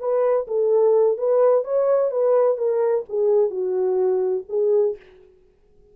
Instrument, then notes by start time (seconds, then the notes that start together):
horn
0.00 B4
0.48 A4
1.18 B4
1.64 C#5
2.11 B4
2.58 A#4
3.09 G#4
3.50 F#4
4.49 G#4